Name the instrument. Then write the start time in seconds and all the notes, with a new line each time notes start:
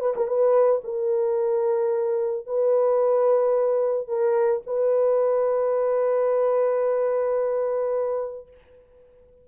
horn
0.00 B4
0.16 A#4
0.27 B4
0.84 A#4
2.46 B4
4.07 A#4
4.66 B4